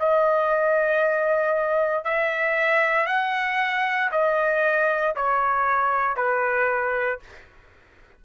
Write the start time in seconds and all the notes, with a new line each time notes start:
0.00 D#5
2.05 E5
3.07 F#5
4.12 D#5
5.16 C#5
6.17 B4